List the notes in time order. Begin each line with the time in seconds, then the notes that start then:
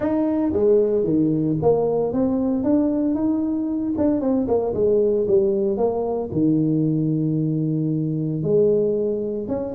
0.00 D#4
0.53 G#3
1.04 D#3
1.61 A#3
2.12 C4
2.63 D4
3.15 D#4
3.97 D4
4.20 C4
4.47 A#3
4.74 G#3
5.27 G3
5.77 A#3
6.32 D#3
8.42 G#3
9.47 C#4